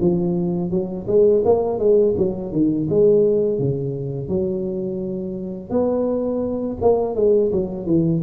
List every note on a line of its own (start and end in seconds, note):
0.00 0.70 F3
0.70 1.06 F#3
1.07 1.43 G#3
1.44 1.79 A#3
1.79 2.14 G#3
2.17 2.52 F#3
2.52 2.88 D#3
2.89 3.59 G#3
3.59 4.28 C#3
4.28 5.70 F#3
5.70 6.77 B3
6.81 7.15 A#3
7.15 7.51 G#3
7.52 7.86 F#3
7.86 8.21 E3